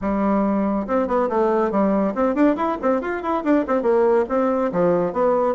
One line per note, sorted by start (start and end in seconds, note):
0.01 0.86 G3
0.87 1.07 C4
1.07 1.29 B3
1.29 1.71 A3
1.71 2.14 G3
2.14 2.34 C4
2.34 2.56 D4
2.56 2.77 E4
2.81 3.01 C4
3.01 3.22 F4
3.22 3.43 E4
3.44 3.65 D4
3.67 3.82 C4
3.82 4.25 A#3
4.29 4.71 C4
4.71 5.12 F3
5.12 5.55 B3